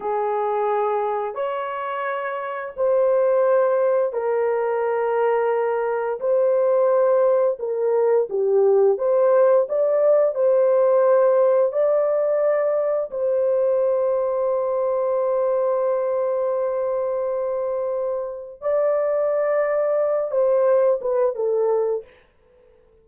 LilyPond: \new Staff \with { instrumentName = "horn" } { \time 4/4 \tempo 4 = 87 gis'2 cis''2 | c''2 ais'2~ | ais'4 c''2 ais'4 | g'4 c''4 d''4 c''4~ |
c''4 d''2 c''4~ | c''1~ | c''2. d''4~ | d''4. c''4 b'8 a'4 | }